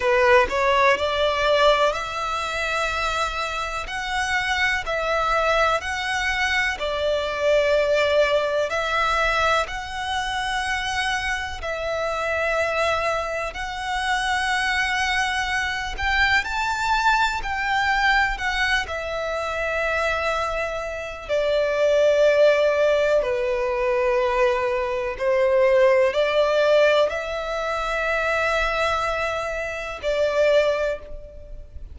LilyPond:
\new Staff \with { instrumentName = "violin" } { \time 4/4 \tempo 4 = 62 b'8 cis''8 d''4 e''2 | fis''4 e''4 fis''4 d''4~ | d''4 e''4 fis''2 | e''2 fis''2~ |
fis''8 g''8 a''4 g''4 fis''8 e''8~ | e''2 d''2 | b'2 c''4 d''4 | e''2. d''4 | }